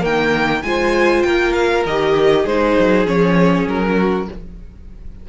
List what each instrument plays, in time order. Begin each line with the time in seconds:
0.00 cello D#3, viola A#3, violin A#4 G5
0.62 cello G#3, viola F4, violin C5 G#5
1.22 cello A#3, violin A#4 G5
1.53 violin F5
1.85 cello D#3, viola G4, violin D#5
2.41 cello G#3, viola D#4, violin G#4 C5
2.79 cello F#3
3.05 cello F3, viola C#4, violin C#5
3.67 cello F#3, violin A#4
3.96 violin F#4